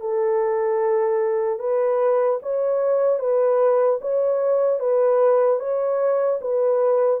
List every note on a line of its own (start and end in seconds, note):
0.00 1.59 A4
1.59 2.39 B4
2.42 3.19 C#5
3.19 3.99 B4
4.01 4.79 C#5
4.79 5.59 B4
5.59 6.39 C#5
6.41 7.20 B4